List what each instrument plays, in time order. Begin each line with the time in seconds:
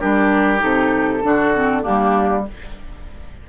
0.00 bassoon G3, clarinet D4, oboe G4, flute A#4
0.58 bassoon C3, clarinet D#4, flute A4
1.23 bassoon D3, clarinet D4, oboe F#4
1.54 clarinet C4
1.82 bassoon G3, clarinet A#3, oboe D4, flute G4